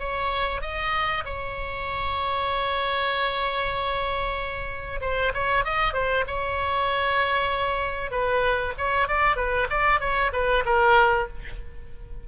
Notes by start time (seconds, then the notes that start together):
0.00 C#5
0.62 D#5
1.26 C#5
5.02 C5
5.34 C#5
5.65 D#5
5.94 C5
6.28 C#5
8.11 B4
8.78 C#5
9.09 D5
9.37 B4
9.70 D5
10.01 C#5
10.33 B4
10.66 A#4